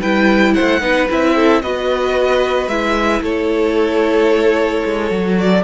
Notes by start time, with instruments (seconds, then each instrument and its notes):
0.00 cello G3, viola E4, violin B4 G5
0.54 violin C5 F#5
0.60 cello A3
0.80 cello B3, viola D#4, violin B4
1.10 cello C4, viola E4, violin E5
1.35 violin A4
1.62 cello B3, viola F#4, violin B4 D#5
2.68 cello G#3, viola E4, violin E5
3.21 cello A3, violin A4 C#5
4.85 cello G#3
5.10 cello F#3, viola F#4
5.39 violin D5